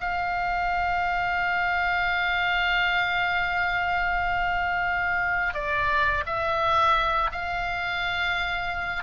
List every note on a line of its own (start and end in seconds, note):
0.00 5.54 F5
5.54 6.23 D5
6.26 7.30 E5
7.31 9.03 F5